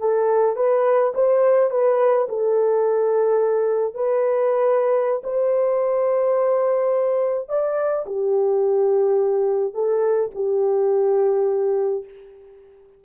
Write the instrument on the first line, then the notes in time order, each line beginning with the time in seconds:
horn
0.00 A4
0.57 B4
1.14 C5
1.71 B4
2.29 A4
3.95 B4
5.24 C5
7.49 D5
8.06 G4
9.74 A4
10.35 G4